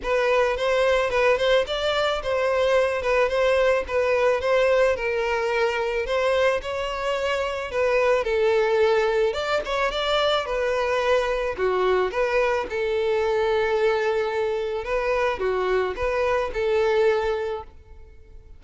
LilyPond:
\new Staff \with { instrumentName = "violin" } { \time 4/4 \tempo 4 = 109 b'4 c''4 b'8 c''8 d''4 | c''4. b'8 c''4 b'4 | c''4 ais'2 c''4 | cis''2 b'4 a'4~ |
a'4 d''8 cis''8 d''4 b'4~ | b'4 fis'4 b'4 a'4~ | a'2. b'4 | fis'4 b'4 a'2 | }